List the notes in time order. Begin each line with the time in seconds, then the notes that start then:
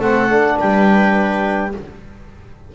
0.00 A3 C4 A4 F#5
0.30 D4
0.59 G3 B4 G5